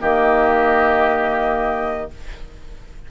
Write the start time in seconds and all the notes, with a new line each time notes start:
0.00 D#3 A#3 G4 D#5